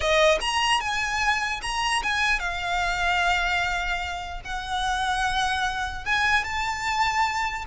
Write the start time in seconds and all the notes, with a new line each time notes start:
0.00 D#5
0.40 A#5
0.80 G#5
1.62 A#5
2.02 G#5
2.39 F5
4.44 F#5
6.05 G#5
6.44 A5